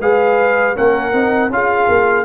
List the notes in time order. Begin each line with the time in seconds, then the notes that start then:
0.00 G#3 G#4 B4 F5
0.75 A#3 C#4 A#4 F#5
1.13 C4 D#4
1.50 C#4 F4 G#4 F5
1.88 A#3